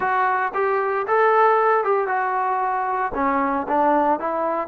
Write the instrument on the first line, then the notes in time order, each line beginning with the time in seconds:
trombone
0.00 F#4
0.54 G4
1.07 A4
1.84 G4
2.07 F#4
3.14 C#4
3.68 D4
4.19 E4